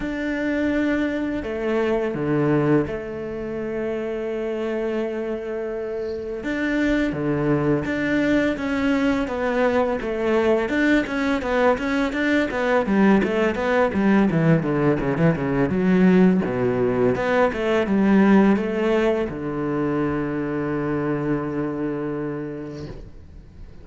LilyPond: \new Staff \with { instrumentName = "cello" } { \time 4/4 \tempo 4 = 84 d'2 a4 d4 | a1~ | a4 d'4 d4 d'4 | cis'4 b4 a4 d'8 cis'8 |
b8 cis'8 d'8 b8 g8 a8 b8 g8 | e8 d8 cis16 e16 cis8 fis4 b,4 | b8 a8 g4 a4 d4~ | d1 | }